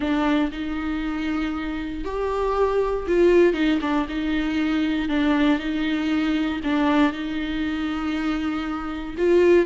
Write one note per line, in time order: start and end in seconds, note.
0.00 0.50 D4
0.51 2.04 D#4
2.04 3.06 G4
3.07 3.53 F4
3.53 3.79 D#4
3.81 4.06 D4
4.09 5.08 D#4
5.08 5.59 D4
5.59 6.61 D#4
6.63 7.12 D4
7.12 9.15 D#4
9.17 9.66 F4